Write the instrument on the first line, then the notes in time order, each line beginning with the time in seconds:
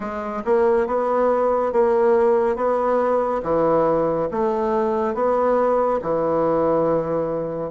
bassoon
0.00 G#3
0.44 A#3
0.86 B3
1.72 A#3
2.56 B3
3.42 E3
4.31 A3
5.14 B3
6.02 E3